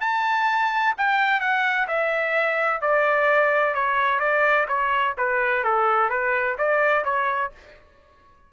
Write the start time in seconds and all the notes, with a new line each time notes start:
0.00 A5
0.97 G5
1.40 F#5
1.87 E5
2.81 D5
3.74 C#5
4.19 D5
4.67 C#5
5.17 B4
5.64 A4
6.09 B4
6.58 D5
7.04 C#5